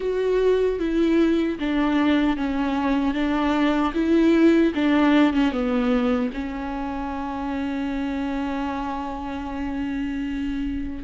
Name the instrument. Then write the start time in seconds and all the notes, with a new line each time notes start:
viola
0.00 F#4
0.79 E4
1.59 D4
2.36 C#4
3.14 D4
3.93 E4
4.74 D4
5.33 C#4
5.52 B3
6.33 C#4